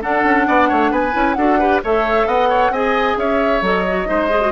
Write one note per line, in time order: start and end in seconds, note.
0.00 1.13 D4
0.00 0.24 D4
0.00 0.47 A4
0.00 0.93 F#5
0.24 0.46 C#4
0.47 0.71 B3
0.47 0.69 D5
0.69 0.91 A3
0.69 0.91 C#5
0.91 1.13 B3
0.91 1.36 B4
0.91 1.34 G#5
1.13 1.36 C#4
1.13 1.35 E4
1.34 1.81 D4
1.34 1.60 F#4
1.34 1.59 A4
1.34 1.79 F#5
1.59 1.83 G4
1.59 1.81 B4
1.84 2.26 A3
1.84 2.74 A4
1.84 2.27 C#5
1.84 2.28 E5
2.26 2.70 B3
2.26 2.49 D#5
2.26 2.73 F#5
2.49 2.72 C#5
2.70 3.15 C4
2.70 3.62 G#4
2.70 3.18 D#5
2.70 3.18 G#5
3.17 3.62 C#4
3.17 4.09 C#5
3.17 3.64 E5
3.62 4.07 F#3
3.62 3.85 A4
3.62 4.52 D#5
3.88 4.06 F#4
4.06 4.52 G#3
4.06 4.28 D#4
4.06 4.52 C5
4.30 4.41 G#4
4.41 4.52 F#4